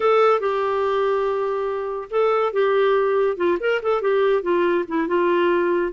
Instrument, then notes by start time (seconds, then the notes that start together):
clarinet
0.00 A4
0.39 G4
2.10 A4
2.52 G4
3.36 F4
3.60 A#4
3.82 A4
4.01 G4
4.42 F4
4.87 E4
5.07 F4